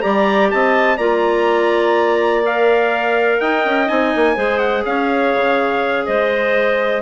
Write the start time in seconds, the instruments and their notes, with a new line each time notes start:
0.00 bassoon G3, clarinet G4 D5, trumpet A#5
0.51 bassoon C4, clarinet D#5, trumpet A5
0.97 bassoon A#3, clarinet F4 D5, trumpet A#5
2.44 clarinet A#4, trumpet F5
3.40 bassoon D#4, clarinet D#5, trumpet G5
3.65 bassoon C#4
3.87 bassoon C4, clarinet D#4, trumpet G#5
4.15 bassoon A#3
4.35 bassoon G#3, clarinet G#4 C5
4.59 trumpet F#5
4.85 bassoon C#4, clarinet C#5, trumpet F5
5.35 bassoon C#3
6.06 bassoon G#3, clarinet C5, trumpet D#5